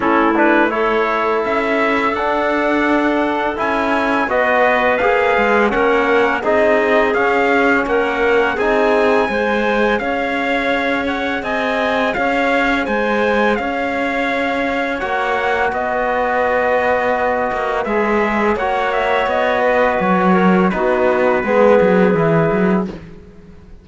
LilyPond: <<
  \new Staff \with { instrumentName = "trumpet" } { \time 4/4 \tempo 4 = 84 a'8 b'8 cis''4 e''4 fis''4~ | fis''4 gis''4 dis''4 f''4 | fis''4 dis''4 f''4 fis''4 | gis''2 f''4. fis''8 |
gis''4 f''4 gis''4 f''4~ | f''4 fis''4 dis''2~ | dis''4 e''4 fis''8 e''8 dis''4 | cis''4 b'2. | }
  \new Staff \with { instrumentName = "clarinet" } { \time 4/4 e'4 a'2.~ | a'2 b'2 | ais'4 gis'2 ais'4 | gis'4 c''4 cis''2 |
dis''4 cis''4 c''4 cis''4~ | cis''2 b'2~ | b'2 cis''4. b'8~ | b'8 ais'8 fis'4 gis'2 | }
  \new Staff \with { instrumentName = "trombone" } { \time 4/4 cis'8 d'8 e'2 d'4~ | d'4 e'4 fis'4 gis'4 | cis'4 dis'4 cis'2 | dis'4 gis'2.~ |
gis'1~ | gis'4 fis'2.~ | fis'4 gis'4 fis'2~ | fis'4 dis'4 b4 e'4 | }
  \new Staff \with { instrumentName = "cello" } { \time 4/4 a2 cis'4 d'4~ | d'4 cis'4 b4 ais8 gis8 | ais4 c'4 cis'4 ais4 | c'4 gis4 cis'2 |
c'4 cis'4 gis4 cis'4~ | cis'4 ais4 b2~ | b8 ais8 gis4 ais4 b4 | fis4 b4 gis8 fis8 e8 fis8 | }
>>